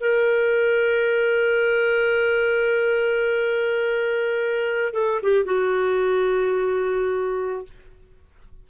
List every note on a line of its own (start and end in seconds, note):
0.00 4.93 A#4
4.93 5.21 A4
5.23 5.45 G4
5.45 7.65 F#4